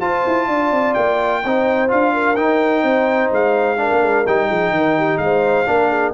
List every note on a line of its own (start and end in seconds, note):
0.00 0.24 F4
0.00 1.43 F4
0.00 0.47 C5
0.00 0.94 A5
0.26 0.48 E4
0.48 0.71 D4
0.48 1.42 D5
0.71 0.95 C4
0.94 1.44 A#3
0.94 1.88 G5
1.44 1.92 C4
1.44 1.88 D#4
1.44 2.13 C5
1.88 2.37 D4
1.88 2.35 F4
1.88 2.36 F5
2.13 2.84 A#4
2.36 3.77 D#4
2.36 2.83 D#4
2.36 3.30 G5
2.83 3.30 C4
2.83 3.78 C5
3.31 3.90 G#3
3.31 4.26 F5
3.77 4.24 D4
3.77 4.48 A#4
3.92 4.02 A#3
4.02 4.26 G#3
4.26 4.50 G3
4.26 5.66 D#4
4.26 5.18 G5
4.48 4.70 F3
4.48 4.72 G#4
4.70 5.17 D#3
4.77 4.98 A#4
4.98 5.21 G4
5.18 5.65 G#3
5.18 5.69 C5
5.18 6.12 F5
5.66 6.14 A#3
5.66 6.13 D4
5.66 5.89 A#4
5.89 6.13 G#4